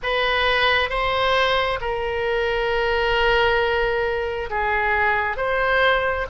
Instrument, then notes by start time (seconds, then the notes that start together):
oboe
0.02 B4
0.90 C5
1.81 A#4
4.50 G#4
5.36 C5